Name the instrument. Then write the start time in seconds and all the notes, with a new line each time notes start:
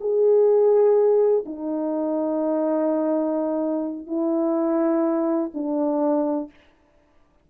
horn
0.00 G#4
1.45 D#4
4.06 E4
5.54 D4